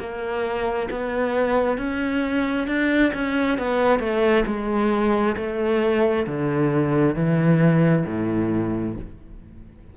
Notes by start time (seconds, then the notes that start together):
0.00 A#3
0.91 B3
1.78 C#4
2.68 D4
3.14 C#4
3.59 B3
4.00 A3
4.47 G#3
5.37 A3
6.27 D3
7.16 E3
8.06 A2